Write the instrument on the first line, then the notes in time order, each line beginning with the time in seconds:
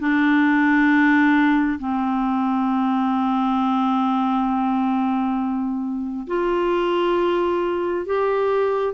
clarinet
0.00 D4
1.80 C4
6.28 F4
8.06 G4